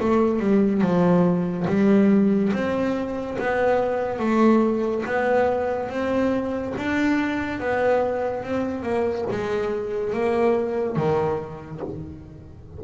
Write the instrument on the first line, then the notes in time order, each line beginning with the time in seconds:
double bass
0.00 A3
0.39 G3
0.81 F3
1.67 G3
2.53 C4
3.38 B3
4.19 A3
5.06 B3
5.89 C4
6.77 D4
7.59 B3
8.44 C4
8.83 A#3
9.30 G#3
10.13 A#3
10.96 D#3